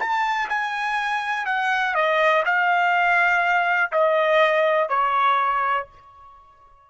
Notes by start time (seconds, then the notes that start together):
0.00 A5
0.49 G#5
1.46 F#5
1.95 D#5
2.45 F5
3.92 D#5
4.89 C#5